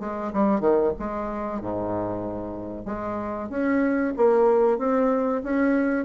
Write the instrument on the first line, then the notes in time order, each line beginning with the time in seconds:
bassoon
0.00 G#3
0.34 G3
0.61 D#3
0.99 G#3
1.61 G#2
2.86 G#3
3.50 C#4
4.17 A#3
4.79 C4
5.44 C#4